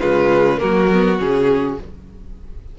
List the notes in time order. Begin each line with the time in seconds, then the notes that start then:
0.00 C#3 G#3 F4 B4
0.58 F#3 A#3 F#4 A#4
0.93 B3
1.19 C#3 C#4 G#4